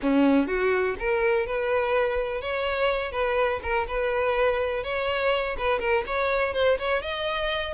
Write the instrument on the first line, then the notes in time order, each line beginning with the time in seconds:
violin
0.02 C#4
0.47 F#4
0.99 A#4
1.46 B4
2.41 C#5
3.11 B4
3.62 A#4
3.87 B4
4.83 C#5
5.58 B4
5.79 A#4
6.06 C#5
6.53 C5
6.78 C#5
7.02 D#5